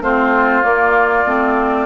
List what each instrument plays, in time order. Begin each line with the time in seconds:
0.00 bassoon A3, clarinet C4, oboe F4, flute C5
0.62 clarinet A#3, bassoon A#3, flute D5
1.26 bassoon A3, clarinet C4